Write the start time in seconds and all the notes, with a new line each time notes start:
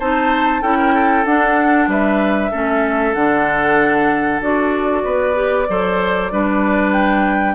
0.00 C4 D#4 C5 A5
0.62 C#4 E4 A4 G5
0.78 A#4
0.94 A4
1.26 D4 F#5
1.88 G3 B4 E5
2.51 A3 C#4 A4
3.14 D3 D4 F#5
4.41 D4 F#4 D5
5.05 B3 B4
5.35 G4
5.69 F#3 A4 C5
6.32 G3 D4 B4
6.93 G5